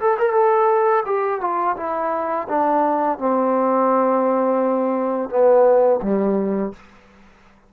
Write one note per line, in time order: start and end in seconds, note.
0.00 0.18 A4
0.19 0.33 A#4
0.33 1.03 A4
1.06 1.41 G4
1.41 1.76 F4
1.77 2.48 E4
2.49 3.19 D4
3.19 5.29 C4
5.29 6.00 B3
6.02 6.73 G3